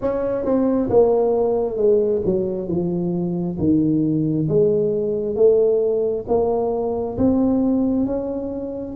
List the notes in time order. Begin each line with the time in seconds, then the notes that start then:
0.01 C#4
0.44 C4
0.90 A#3
1.77 G#3
2.25 F#3
2.67 F3
3.58 D#3
4.48 G#3
5.35 A3
6.27 A#3
7.17 C4
8.06 C#4